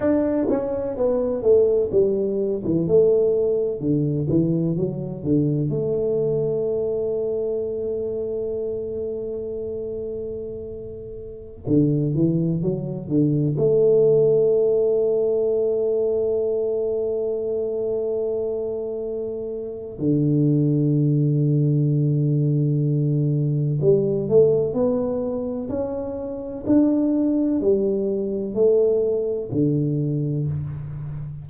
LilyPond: \new Staff \with { instrumentName = "tuba" } { \time 4/4 \tempo 4 = 63 d'8 cis'8 b8 a8 g8. e16 a4 | d8 e8 fis8 d8 a2~ | a1~ | a16 d8 e8 fis8 d8 a4.~ a16~ |
a1~ | a4 d2.~ | d4 g8 a8 b4 cis'4 | d'4 g4 a4 d4 | }